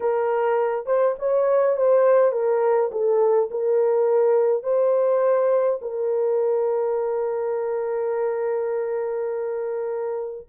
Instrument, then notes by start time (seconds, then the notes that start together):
horn
0.00 A#4
0.86 C5
1.18 C#5
1.76 C5
2.32 A#4
2.91 A4
3.50 A#4
4.63 C5
5.81 A#4